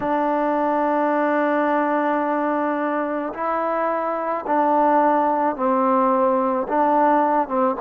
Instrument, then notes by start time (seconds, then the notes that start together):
trombone
0.00 D4
3.33 E4
4.46 D4
5.56 C4
6.68 D4
7.47 C4